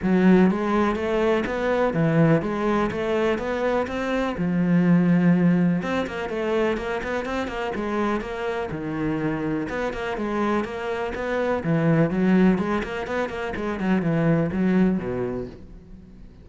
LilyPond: \new Staff \with { instrumentName = "cello" } { \time 4/4 \tempo 4 = 124 fis4 gis4 a4 b4 | e4 gis4 a4 b4 | c'4 f2. | c'8 ais8 a4 ais8 b8 c'8 ais8 |
gis4 ais4 dis2 | b8 ais8 gis4 ais4 b4 | e4 fis4 gis8 ais8 b8 ais8 | gis8 fis8 e4 fis4 b,4 | }